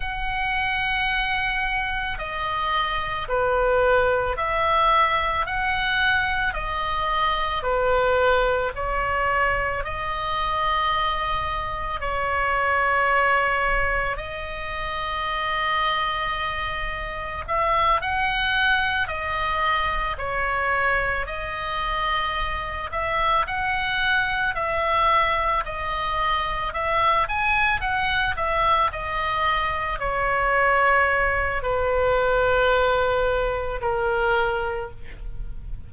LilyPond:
\new Staff \with { instrumentName = "oboe" } { \time 4/4 \tempo 4 = 55 fis''2 dis''4 b'4 | e''4 fis''4 dis''4 b'4 | cis''4 dis''2 cis''4~ | cis''4 dis''2. |
e''8 fis''4 dis''4 cis''4 dis''8~ | dis''4 e''8 fis''4 e''4 dis''8~ | dis''8 e''8 gis''8 fis''8 e''8 dis''4 cis''8~ | cis''4 b'2 ais'4 | }